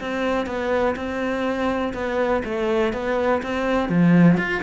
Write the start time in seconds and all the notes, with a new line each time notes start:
0.00 C4
0.46 B3
0.96 C4
1.94 B3
2.45 A3
2.93 B3
3.42 C4
3.89 F3
4.37 F4